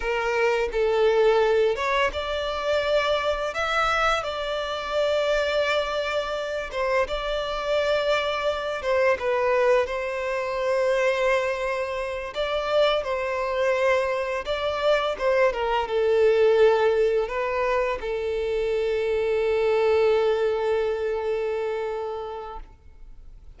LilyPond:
\new Staff \with { instrumentName = "violin" } { \time 4/4 \tempo 4 = 85 ais'4 a'4. cis''8 d''4~ | d''4 e''4 d''2~ | d''4. c''8 d''2~ | d''8 c''8 b'4 c''2~ |
c''4. d''4 c''4.~ | c''8 d''4 c''8 ais'8 a'4.~ | a'8 b'4 a'2~ a'8~ | a'1 | }